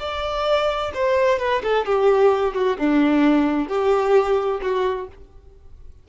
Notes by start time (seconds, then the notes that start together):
0.00 D5
0.95 C5
1.40 B4
1.63 A4
1.86 G4
2.55 F#4
2.78 D4
3.69 G4
4.62 F#4